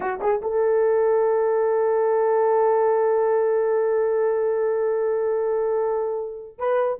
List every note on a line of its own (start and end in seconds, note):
0.00 0.20 F#4
0.20 0.41 G#4
0.41 6.58 A4
6.58 6.99 B4